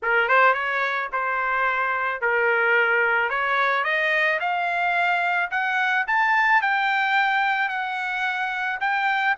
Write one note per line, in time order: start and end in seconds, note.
0.02 0.28 A#4
0.28 0.53 C5
0.53 1.08 C#5
1.12 2.21 C5
2.21 3.29 A#4
3.29 3.84 C#5
3.84 4.39 D#5
4.40 5.50 F5
5.50 6.05 F#5
6.07 6.61 A5
6.61 7.69 G5
7.69 8.79 F#5
8.80 9.35 G5